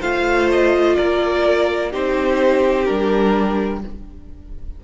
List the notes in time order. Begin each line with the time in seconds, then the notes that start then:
0.00 A3 F4 C5 F5
0.51 D#5
0.95 A#3 A#4 D5
1.90 C4 D#4 G4 C5
2.85 G3 D4 A#4